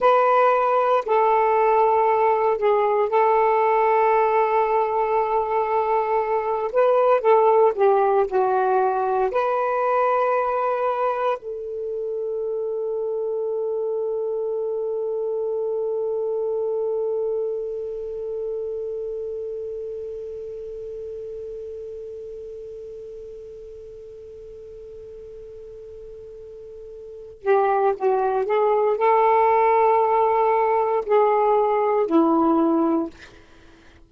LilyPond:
\new Staff \with { instrumentName = "saxophone" } { \time 4/4 \tempo 4 = 58 b'4 a'4. gis'8 a'4~ | a'2~ a'8 b'8 a'8 g'8 | fis'4 b'2 a'4~ | a'1~ |
a'1~ | a'1~ | a'2~ a'8 g'8 fis'8 gis'8 | a'2 gis'4 e'4 | }